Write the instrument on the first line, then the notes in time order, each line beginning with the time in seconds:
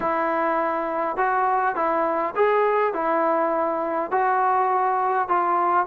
trombone
0.00 E4
1.16 F#4
1.75 E4
2.35 G#4
2.93 E4
4.11 F#4
5.28 F4